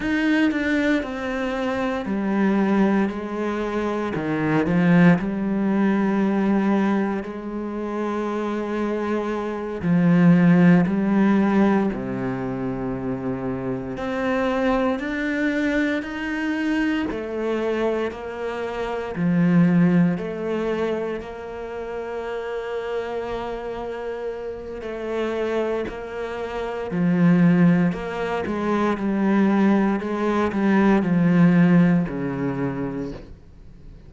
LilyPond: \new Staff \with { instrumentName = "cello" } { \time 4/4 \tempo 4 = 58 dis'8 d'8 c'4 g4 gis4 | dis8 f8 g2 gis4~ | gis4. f4 g4 c8~ | c4. c'4 d'4 dis'8~ |
dis'8 a4 ais4 f4 a8~ | a8 ais2.~ ais8 | a4 ais4 f4 ais8 gis8 | g4 gis8 g8 f4 cis4 | }